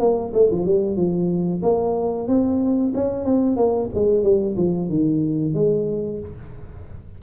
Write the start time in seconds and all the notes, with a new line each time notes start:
0.00 A#3
0.34 A3
0.51 F3
0.66 G3
0.97 F3
1.63 A#3
2.28 C4
2.95 C#4
3.25 C4
3.57 A#3
3.95 G#3
4.23 G3
4.57 F3
4.89 D#3
5.54 G#3